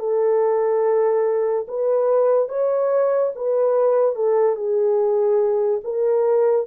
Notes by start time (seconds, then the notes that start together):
0.00 A4
1.68 B4
2.49 C#5
3.36 B4
4.16 A4
4.56 G#4
5.84 A#4